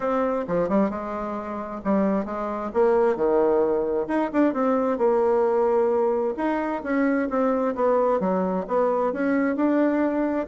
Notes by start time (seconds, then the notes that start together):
0.00 C4
0.47 F3
0.68 G3
0.90 G#3
1.84 G3
2.25 G#3
2.73 A#3
3.16 D#3
4.07 D#4
4.32 D4
4.53 C4
4.98 A#3
6.36 D#4
6.83 C#4
7.29 C4
7.75 B3
8.20 F#3
8.67 B3
9.12 C#4
9.56 D4